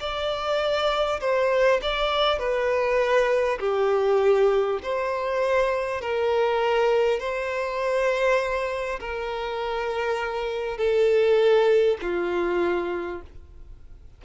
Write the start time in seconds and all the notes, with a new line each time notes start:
0.00 D5
1.20 C5
1.82 D5
2.38 B4
3.59 G4
4.83 C5
6.01 A#4
7.19 C5
9.00 A#4
10.77 A4
12.01 F4